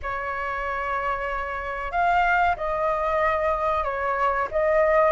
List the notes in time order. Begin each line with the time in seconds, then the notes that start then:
0.02 C#5
1.91 F5
2.56 D#5
3.84 C#5
4.51 D#5